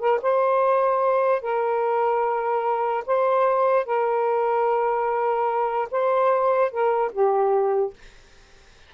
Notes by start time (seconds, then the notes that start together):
0.00 A#4
0.22 C5
1.42 A#4
3.07 C5
3.86 A#4
5.91 C5
6.71 A#4
7.13 G4